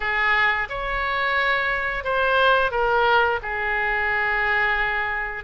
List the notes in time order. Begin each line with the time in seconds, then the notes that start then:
0.00 G#4
0.69 C#5
2.03 C5
2.71 A#4
3.42 G#4